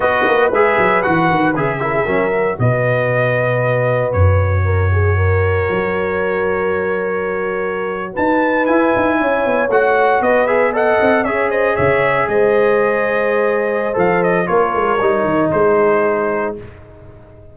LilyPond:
<<
  \new Staff \with { instrumentName = "trumpet" } { \time 4/4 \tempo 4 = 116 dis''4 e''4 fis''4 e''4~ | e''4 dis''2. | cis''1~ | cis''2.~ cis''8. a''16~ |
a''8. gis''2 fis''4 dis''16~ | dis''16 e''8 fis''4 e''8 dis''8 e''4 dis''16~ | dis''2. f''8 dis''8 | cis''2 c''2 | }
  \new Staff \with { instrumentName = "horn" } { \time 4/4 b'2.~ b'8 ais'16 gis'16 | ais'4 b'2.~ | b'4 ais'8 gis'8 ais'2~ | ais'2.~ ais'8. b'16~ |
b'4.~ b'16 cis''2 b'16~ | b'8. dis''4 cis''8 c''8 cis''4 c''16~ | c''1 | ais'2 gis'2 | }
  \new Staff \with { instrumentName = "trombone" } { \time 4/4 fis'4 gis'4 fis'4 gis'8 e'8 | cis'8 fis'2.~ fis'8~ | fis'1~ | fis'1~ |
fis'8. e'2 fis'4~ fis'16~ | fis'16 gis'8 a'4 gis'2~ gis'16~ | gis'2. a'4 | f'4 dis'2. | }
  \new Staff \with { instrumentName = "tuba" } { \time 4/4 b8 ais8 gis8 fis8 e8 dis8 cis4 | fis4 b,2. | fis,2. fis4~ | fis2.~ fis8. dis'16~ |
dis'8. e'8 dis'8 cis'8 b8 a4 b16~ | b4~ b16 c'8 cis'4 cis4 gis16~ | gis2. f4 | ais8 gis8 g8 dis8 gis2 | }
>>